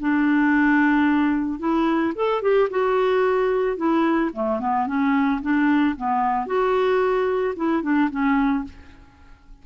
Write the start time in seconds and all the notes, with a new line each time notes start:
0.00 D4
1.59 E4
2.15 A4
2.42 G4
2.70 F#4
3.77 E4
4.33 A3
4.60 B3
4.87 C#4
5.42 D4
5.97 B3
6.46 F#4
7.56 E4
7.83 D4
8.10 C#4